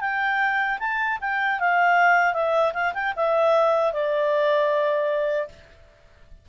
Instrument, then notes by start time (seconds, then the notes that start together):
clarinet
0.00 G5
0.79 A5
1.20 G5
1.59 F5
2.33 E5
2.73 F5
2.94 G5
3.16 E5
3.92 D5